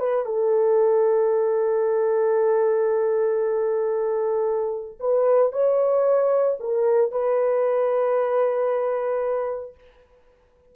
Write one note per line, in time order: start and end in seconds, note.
0.00 0.26 B4
0.26 4.99 A4
5.00 5.52 B4
5.52 6.58 C#5
6.60 7.12 A#4
7.12 9.75 B4